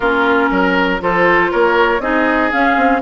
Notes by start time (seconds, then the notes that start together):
0.00 A#3 C#4 F4 A#4
0.51 F#3 A#4
0.99 F3 F4 A4 C5
1.51 A#3 A#4 C#5
1.99 C4 D#4 G#4 D#5
2.51 C#4 F5
2.76 C4